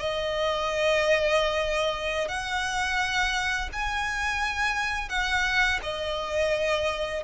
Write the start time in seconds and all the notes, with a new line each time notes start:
0.00 D#5
2.29 F#5
3.73 G#5
5.10 F#5
5.83 D#5